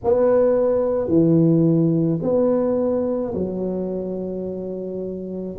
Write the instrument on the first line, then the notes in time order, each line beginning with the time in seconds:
tuba
0.04 B3
1.08 E3
2.22 B3
3.34 F#3